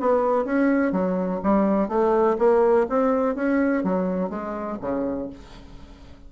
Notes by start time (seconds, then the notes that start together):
0.00 B3
0.45 C#4
0.92 F#3
1.43 G3
1.88 A3
2.38 A#3
2.89 C4
3.35 C#4
3.84 F#3
4.30 G#3
4.81 C#3